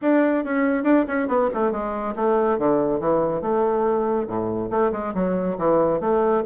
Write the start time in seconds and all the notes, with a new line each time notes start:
0.01 D4
0.44 C#4
0.83 D4
1.07 C#4
1.27 B3
1.54 A3
1.71 G#3
2.15 A3
2.58 D3
3.00 E3
3.41 A3
4.27 A2
4.70 A3
4.92 G#3
5.14 F#3
5.57 E3
6.00 A3